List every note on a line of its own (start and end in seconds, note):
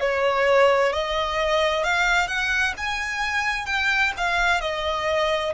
0.00 0.92 C#5
0.92 1.83 D#5
1.83 2.27 F5
2.27 2.73 F#5
2.77 3.66 G#5
3.66 4.12 G5
4.17 4.60 F5
4.60 5.53 D#5